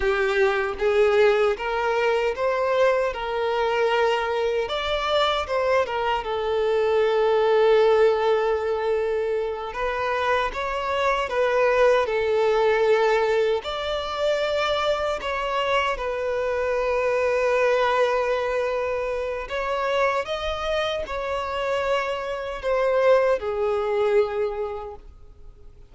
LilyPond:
\new Staff \with { instrumentName = "violin" } { \time 4/4 \tempo 4 = 77 g'4 gis'4 ais'4 c''4 | ais'2 d''4 c''8 ais'8 | a'1~ | a'8 b'4 cis''4 b'4 a'8~ |
a'4. d''2 cis''8~ | cis''8 b'2.~ b'8~ | b'4 cis''4 dis''4 cis''4~ | cis''4 c''4 gis'2 | }